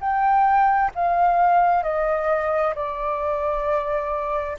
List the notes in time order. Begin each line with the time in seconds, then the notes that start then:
0.00 G5
0.95 F5
1.83 D#5
2.75 D5